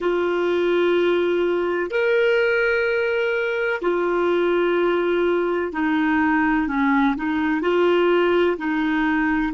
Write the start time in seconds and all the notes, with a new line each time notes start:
0.00 F4
1.90 A#4
3.81 F4
5.72 D#4
6.67 C#4
7.16 D#4
7.61 F4
8.57 D#4